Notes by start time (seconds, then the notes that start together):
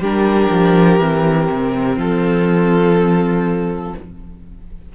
0.00 G3 D4 G4 A#4
0.50 F3
1.00 E3 C4
1.51 C3
1.96 F3 F4 A4